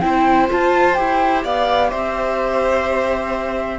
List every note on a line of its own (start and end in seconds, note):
0.00 0.49 C4
0.00 0.48 E4
0.00 1.44 C5
0.00 0.47 G5
0.48 0.95 F4
0.48 0.99 F4
0.48 0.94 A5
0.94 1.45 E4
0.94 3.79 G4
0.94 1.41 G5
1.44 1.92 B3
1.44 1.90 D5
1.44 1.90 F5
1.90 3.79 C4
1.90 3.79 C5
1.90 3.79 E5